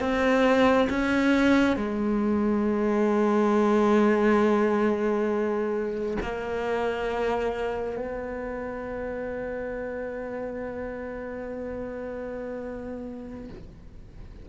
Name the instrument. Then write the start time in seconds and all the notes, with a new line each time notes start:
cello
0.00 C4
0.89 C#4
1.76 G#3
6.22 A#3
7.97 B3